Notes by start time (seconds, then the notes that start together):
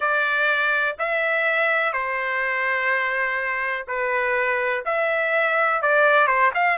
0.00 D5
0.99 E5
1.92 C5
3.87 B4
4.85 E5
5.82 D5
6.26 C5
6.54 F5